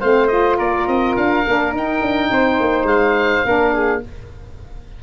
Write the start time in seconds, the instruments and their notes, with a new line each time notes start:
0.00 tuba A3, saxophone C4, flute C5, oboe F5
0.27 saxophone F4, oboe D#5
0.58 tuba A#3, flute A#4, oboe D5
0.87 tuba C4, oboe D#5
1.16 tuba D4, oboe F5
1.47 tuba A#3, saxophone D4
1.72 tuba D#4, saxophone D#4, oboe G5
2.02 tuba D4
2.31 tuba C4, flute C5
2.60 tuba A#3
2.84 tuba G#3, oboe F5
3.46 tuba A#3, saxophone D4, flute A#4
3.74 flute G#4